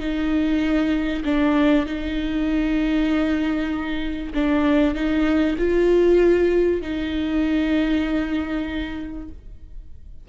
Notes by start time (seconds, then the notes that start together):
0.00 D#4
1.25 D4
1.86 D#4
4.35 D4
4.95 D#4
5.59 F4
6.82 D#4